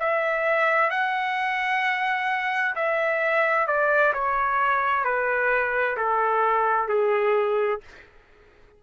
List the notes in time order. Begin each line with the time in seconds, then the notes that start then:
0.00 E5
0.90 F#5
2.75 E5
3.67 D5
4.13 C#5
5.04 B4
5.97 A4
6.88 G#4